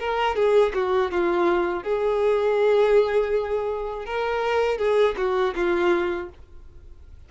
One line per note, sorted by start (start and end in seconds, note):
0.00 0.36 A#4
0.36 0.73 G#4
0.74 1.11 F#4
1.12 1.84 F4
1.84 4.06 G#4
4.06 4.78 A#4
4.78 5.15 G#4
5.18 5.55 F#4
5.56 6.30 F4